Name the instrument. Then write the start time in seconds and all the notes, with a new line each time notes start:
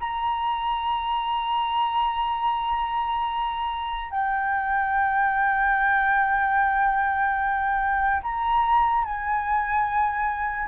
flute
0.00 A#5
4.11 G5
8.23 A#5
9.04 G#5